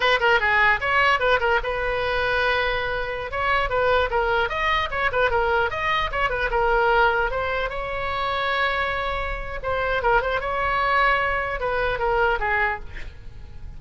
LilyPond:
\new Staff \with { instrumentName = "oboe" } { \time 4/4 \tempo 4 = 150 b'8 ais'8 gis'4 cis''4 b'8 ais'8 | b'1~ | b'16 cis''4 b'4 ais'4 dis''8.~ | dis''16 cis''8 b'8 ais'4 dis''4 cis''8 b'16~ |
b'16 ais'2 c''4 cis''8.~ | cis''1 | c''4 ais'8 c''8 cis''2~ | cis''4 b'4 ais'4 gis'4 | }